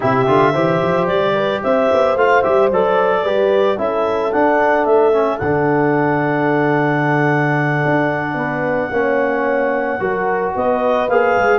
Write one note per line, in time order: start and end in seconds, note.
0.00 0.28 C3
0.00 0.26 E4
0.00 0.52 G4
0.00 1.07 E5
0.26 0.54 D3
0.26 0.53 F4
0.52 0.81 E3
0.52 2.16 G4
0.52 1.33 C5
0.82 1.08 F3
1.07 1.62 G3
1.07 1.61 D5
1.33 1.60 B4
1.63 1.90 C4
1.63 3.23 C5
1.63 2.17 E5
1.93 2.15 B3
2.15 2.42 A3
2.15 2.43 F4
2.15 2.41 F5
2.41 2.71 G3
2.41 2.70 G4
2.41 2.68 E5
2.71 3.24 F#3
2.71 3.25 A4
2.71 3.78 D5
3.23 3.78 G3
3.23 3.77 G4
3.23 3.77 B4
3.77 4.32 C#4
3.77 4.31 E4
3.77 8.36 A4
3.77 4.32 E5
4.32 5.12 D4
4.32 4.85 D4
4.32 4.85 F#5
4.85 5.39 A3
4.85 5.38 E5
5.12 5.39 C#4
5.38 7.83 D3
5.38 8.92 D4
5.38 10.51 F#5
7.85 8.34 D4
8.34 8.88 B3
8.34 8.90 B4
8.90 9.98 A#3
8.90 10.00 C#4
8.90 10.00 C#5
9.99 10.53 F#3
9.99 11.08 F#4
9.99 10.54 A#4
10.55 11.08 B3
10.55 11.59 B4
10.55 11.09 D#5
11.08 11.35 A#3
11.08 11.59 G#4
11.08 11.59 F5
11.36 11.59 G#3